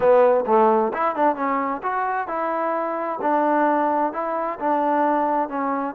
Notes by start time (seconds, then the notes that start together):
0.00 B3
0.46 A3
0.93 E4
1.15 D4
1.35 C#4
1.82 F#4
2.27 E4
3.21 D4
4.12 E4
4.59 D4
5.48 C#4